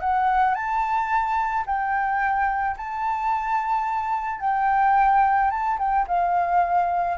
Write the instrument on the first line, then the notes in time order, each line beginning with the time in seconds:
flute
0.00 F#5
0.54 A5
1.66 G5
2.77 A5
4.40 G5
5.50 A5
5.78 G5
6.07 F5